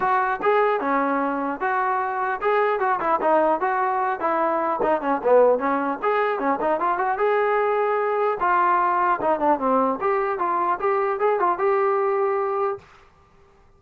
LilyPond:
\new Staff \with { instrumentName = "trombone" } { \time 4/4 \tempo 4 = 150 fis'4 gis'4 cis'2 | fis'2 gis'4 fis'8 e'8 | dis'4 fis'4. e'4. | dis'8 cis'8 b4 cis'4 gis'4 |
cis'8 dis'8 f'8 fis'8 gis'2~ | gis'4 f'2 dis'8 d'8 | c'4 g'4 f'4 g'4 | gis'8 f'8 g'2. | }